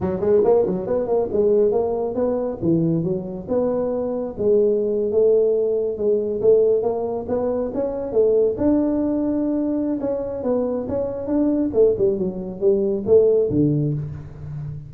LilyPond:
\new Staff \with { instrumentName = "tuba" } { \time 4/4 \tempo 4 = 138 fis8 gis8 ais8 fis8 b8 ais8 gis4 | ais4 b4 e4 fis4 | b2 gis4.~ gis16 a16~ | a4.~ a16 gis4 a4 ais16~ |
ais8. b4 cis'4 a4 d'16~ | d'2. cis'4 | b4 cis'4 d'4 a8 g8 | fis4 g4 a4 d4 | }